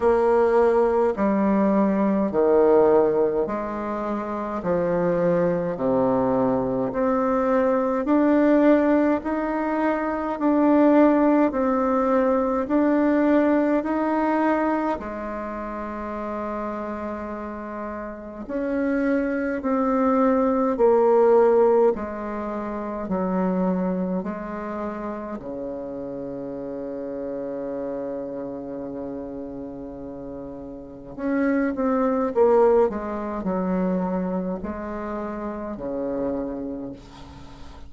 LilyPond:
\new Staff \with { instrumentName = "bassoon" } { \time 4/4 \tempo 4 = 52 ais4 g4 dis4 gis4 | f4 c4 c'4 d'4 | dis'4 d'4 c'4 d'4 | dis'4 gis2. |
cis'4 c'4 ais4 gis4 | fis4 gis4 cis2~ | cis2. cis'8 c'8 | ais8 gis8 fis4 gis4 cis4 | }